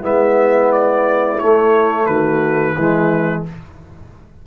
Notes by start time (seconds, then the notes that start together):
0.00 G#3 B3 E4 E5
0.72 D5
1.39 A3 C#5
2.06 D#3 F#4 B4
2.76 E3 G#3 E4